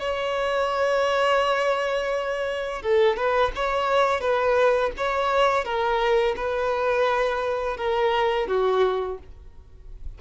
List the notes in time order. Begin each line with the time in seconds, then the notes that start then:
0.00 C#5
2.83 A4
3.17 B4
3.56 C#5
4.21 B4
4.97 C#5
5.65 A#4
6.37 B4
7.77 A#4
8.48 F#4